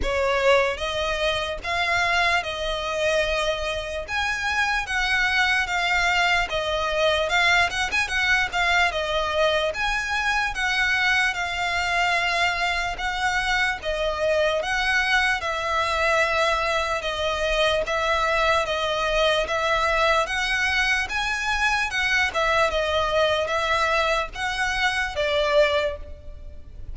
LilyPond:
\new Staff \with { instrumentName = "violin" } { \time 4/4 \tempo 4 = 74 cis''4 dis''4 f''4 dis''4~ | dis''4 gis''4 fis''4 f''4 | dis''4 f''8 fis''16 gis''16 fis''8 f''8 dis''4 | gis''4 fis''4 f''2 |
fis''4 dis''4 fis''4 e''4~ | e''4 dis''4 e''4 dis''4 | e''4 fis''4 gis''4 fis''8 e''8 | dis''4 e''4 fis''4 d''4 | }